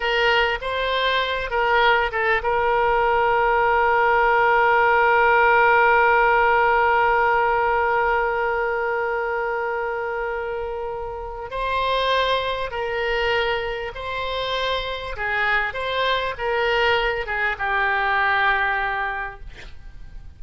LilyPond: \new Staff \with { instrumentName = "oboe" } { \time 4/4 \tempo 4 = 99 ais'4 c''4. ais'4 a'8 | ais'1~ | ais'1~ | ais'1~ |
ais'2. c''4~ | c''4 ais'2 c''4~ | c''4 gis'4 c''4 ais'4~ | ais'8 gis'8 g'2. | }